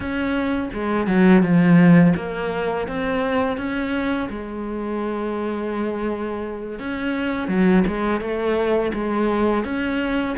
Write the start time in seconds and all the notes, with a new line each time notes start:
0.00 C#4
0.73 G#3
1.07 F#3
1.42 F3
2.16 A#3
2.87 C4
3.57 C#4
4.29 G#3
6.79 C#4
7.48 F#3
7.87 G#3
8.20 A3
8.93 G#3
9.64 C#4